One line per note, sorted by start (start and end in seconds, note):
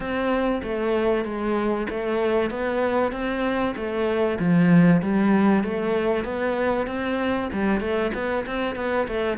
0.00 0.61 C4
0.63 1.24 A3
1.24 1.87 G#3
1.89 2.50 A3
2.50 3.12 B3
3.12 3.74 C4
3.76 4.38 A3
4.39 5.01 F3
5.02 5.63 G3
5.63 6.24 A3
6.24 6.86 B3
6.86 7.49 C4
7.53 7.80 G3
7.80 8.11 A3
8.14 8.45 B3
8.46 8.75 C4
8.75 9.07 B3
9.07 9.38 A3